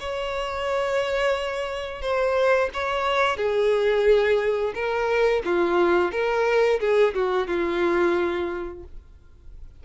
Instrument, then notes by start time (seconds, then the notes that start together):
violin
0.00 C#5
2.02 C5
2.74 C#5
3.37 G#4
4.75 A#4
5.45 F4
6.12 A#4
6.80 G#4
7.15 F#4
7.48 F4